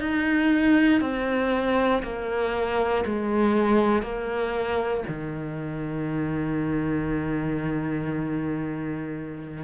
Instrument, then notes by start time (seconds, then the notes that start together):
cello
0.00 D#4
1.01 C4
2.02 A#3
3.05 G#3
4.02 A#3
5.08 D#3